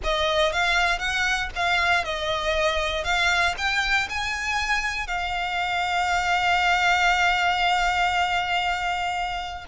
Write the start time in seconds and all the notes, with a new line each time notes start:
0.03 D#5
0.52 F5
0.98 F#5
1.55 F5
2.04 D#5
3.04 F5
3.57 G5
4.09 G#5
5.07 F5